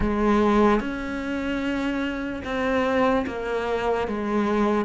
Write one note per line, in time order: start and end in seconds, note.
0.00 0.80 G#3
0.80 2.42 C#4
2.44 3.25 C4
3.27 4.07 A#3
4.07 4.85 G#3